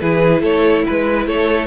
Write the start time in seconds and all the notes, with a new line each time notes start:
0.00 E3 E4 G#4 B4
0.42 A3 A4 C#5
0.86 G#3 B4
1.27 A3 A4 C#5